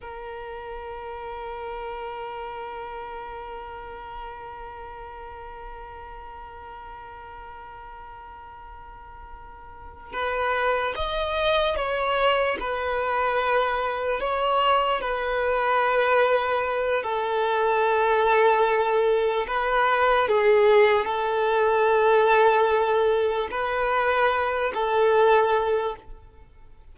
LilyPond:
\new Staff \with { instrumentName = "violin" } { \time 4/4 \tempo 4 = 74 ais'1~ | ais'1~ | ais'1~ | ais'8 b'4 dis''4 cis''4 b'8~ |
b'4. cis''4 b'4.~ | b'4 a'2. | b'4 gis'4 a'2~ | a'4 b'4. a'4. | }